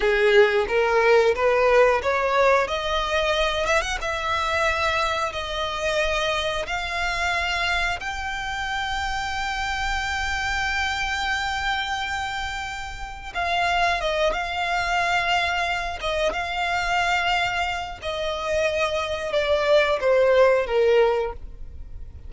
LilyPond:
\new Staff \with { instrumentName = "violin" } { \time 4/4 \tempo 4 = 90 gis'4 ais'4 b'4 cis''4 | dis''4. e''16 fis''16 e''2 | dis''2 f''2 | g''1~ |
g''1 | f''4 dis''8 f''2~ f''8 | dis''8 f''2~ f''8 dis''4~ | dis''4 d''4 c''4 ais'4 | }